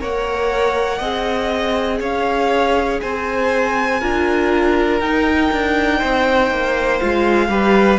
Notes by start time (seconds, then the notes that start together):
0.00 A#3 A#4 C#5 F#5
0.98 C4 G#4 D#5
2.00 C#4 C#5 F5
3.01 C4 C5 G#5
4.00 D4 F4 A#4
5.00 D#4 G5
5.52 D4
5.98 C4 C5
6.51 A#3
6.99 G#3 F4 F5
7.48 G3 G4 B4